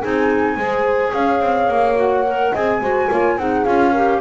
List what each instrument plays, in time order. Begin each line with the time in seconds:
0.00 double bass C4, clarinet D#4, horn G#4, flute G#5
0.56 double bass G#3, clarinet G#4, horn C5
1.13 double bass C#4, horn C#5, flute F5
1.40 double bass C4
1.68 double bass A#3
1.96 clarinet F#4, flute F#5
2.27 clarinet A#4
2.52 double bass C4, clarinet G#4, horn D#5, flute G#5
2.80 double bass G#3, clarinet F#4, horn C5
3.10 double bass A#3, clarinet F4, horn C#5
3.37 double bass C4, clarinet D#4, horn G#4, flute F#5
3.64 double bass C#4, clarinet F4, flute F5
3.91 clarinet G4, horn A#4